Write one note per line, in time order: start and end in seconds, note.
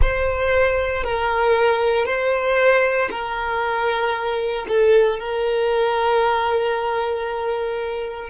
0.01 1.03 C5
1.03 2.05 A#4
2.05 3.09 C5
3.10 4.66 A#4
4.68 5.19 A4
5.19 8.29 A#4